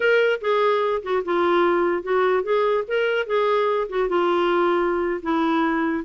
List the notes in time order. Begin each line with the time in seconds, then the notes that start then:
0.00 A#4
0.41 G#4
1.02 F#4
1.24 F4
2.03 F#4
2.43 G#4
2.87 A#4
3.26 G#4
3.89 F#4
4.08 F4
5.22 E4